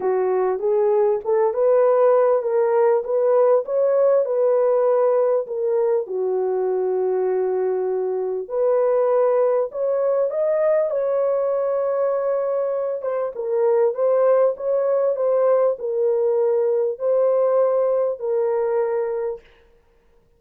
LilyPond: \new Staff \with { instrumentName = "horn" } { \time 4/4 \tempo 4 = 99 fis'4 gis'4 a'8 b'4. | ais'4 b'4 cis''4 b'4~ | b'4 ais'4 fis'2~ | fis'2 b'2 |
cis''4 dis''4 cis''2~ | cis''4. c''8 ais'4 c''4 | cis''4 c''4 ais'2 | c''2 ais'2 | }